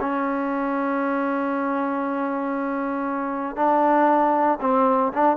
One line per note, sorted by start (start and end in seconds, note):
0.00 3.56 C#4
3.56 4.58 D4
4.61 5.12 C4
5.13 5.37 D4